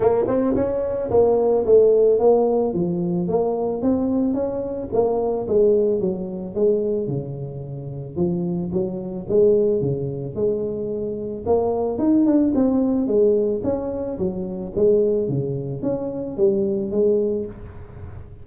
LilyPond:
\new Staff \with { instrumentName = "tuba" } { \time 4/4 \tempo 4 = 110 ais8 c'8 cis'4 ais4 a4 | ais4 f4 ais4 c'4 | cis'4 ais4 gis4 fis4 | gis4 cis2 f4 |
fis4 gis4 cis4 gis4~ | gis4 ais4 dis'8 d'8 c'4 | gis4 cis'4 fis4 gis4 | cis4 cis'4 g4 gis4 | }